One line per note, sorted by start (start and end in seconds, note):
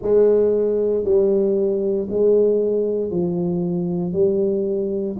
0.02 1.04 G#3
1.04 2.07 G3
2.09 3.10 G#3
3.10 4.12 F3
4.12 5.16 G3